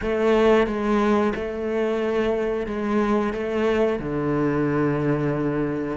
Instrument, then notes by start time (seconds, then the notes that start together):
cello
0.02 A3
0.66 G#3
1.35 A3
2.66 G#3
3.33 A3
3.99 D3